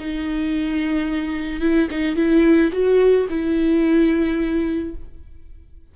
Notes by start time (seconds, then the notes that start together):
0.00 D#4
1.61 E4
1.91 D#4
2.16 E4
2.73 F#4
3.30 E4